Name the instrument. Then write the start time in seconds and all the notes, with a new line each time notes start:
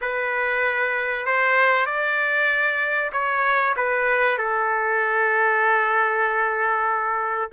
trumpet
0.01 B4
1.26 C5
1.86 D5
3.12 C#5
3.76 B4
4.38 A4